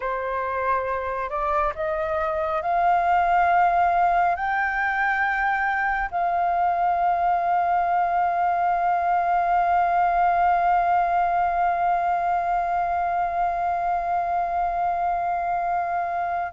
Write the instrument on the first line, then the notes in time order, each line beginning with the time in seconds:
flute
0.00 C5
1.29 D5
1.75 D#5
2.61 F5
4.35 G5
6.11 F5